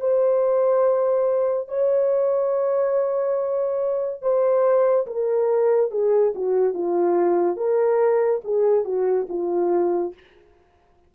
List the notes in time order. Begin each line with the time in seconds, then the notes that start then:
0.00 C5
1.68 C#5
4.21 C5
5.06 A#4
5.91 G#4
6.35 F#4
6.73 F4
7.56 A#4
8.44 G#4
8.84 F#4
9.29 F4